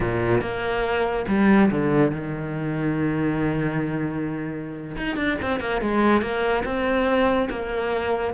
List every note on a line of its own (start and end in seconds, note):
0.00 0.41 A#2
0.41 1.25 A#3
1.28 1.70 G3
1.70 2.11 D3
2.11 4.96 D#3
4.97 5.16 D#4
5.16 5.37 D4
5.41 5.60 C4
5.60 5.81 A#3
5.81 6.21 G#3
6.21 6.63 A#3
6.64 7.49 C4
7.50 8.33 A#3